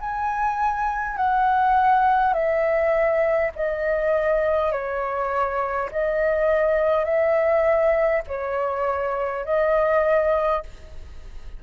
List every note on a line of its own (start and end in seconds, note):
0.00 1.16 G#5
1.16 2.33 F#5
2.33 3.51 E5
3.55 4.72 D#5
4.72 5.89 C#5
5.91 7.04 D#5
7.04 8.22 E5
8.27 9.45 C#5
9.45 10.63 D#5